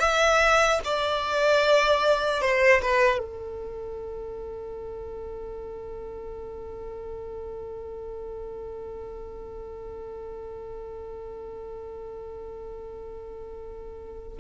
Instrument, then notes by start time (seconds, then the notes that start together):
violin
0.00 E5
0.85 D5
2.42 C5
2.82 B4
3.19 A4